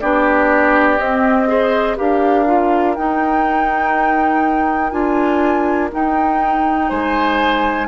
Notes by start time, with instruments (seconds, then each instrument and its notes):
0.00 bassoon B3, clarinet D4, oboe G4, flute D5
0.98 clarinet C4, bassoon C4, flute D#5
1.48 clarinet G#4, oboe C5
1.97 bassoon D4, clarinet G4, oboe A#4, flute F5
2.47 clarinet F4
2.95 clarinet D#4, bassoon D#4, flute G5
4.90 bassoon D4, clarinet F4, flute G#5
5.92 clarinet D#4, bassoon D#4, flute G5
6.89 bassoon G#3, oboe C5, flute G#5